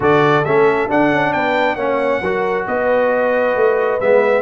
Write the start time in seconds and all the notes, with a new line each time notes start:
0.00 D3 F#4 A4 D5
0.44 A3 C#4 E5
0.89 D4 F#5
1.12 C#4
1.32 B3 B4 G5
1.75 A#3 C#4 C#5 F#5
2.21 F#3 F#4 A#4
2.67 B3 B4 D#5
3.55 A3
4.00 G#3 B3 E5